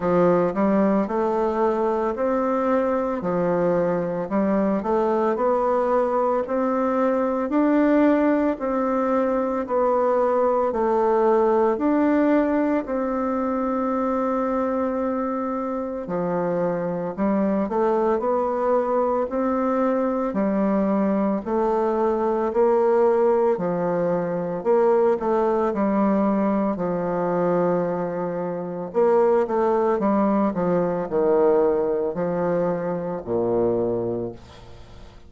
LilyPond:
\new Staff \with { instrumentName = "bassoon" } { \time 4/4 \tempo 4 = 56 f8 g8 a4 c'4 f4 | g8 a8 b4 c'4 d'4 | c'4 b4 a4 d'4 | c'2. f4 |
g8 a8 b4 c'4 g4 | a4 ais4 f4 ais8 a8 | g4 f2 ais8 a8 | g8 f8 dis4 f4 ais,4 | }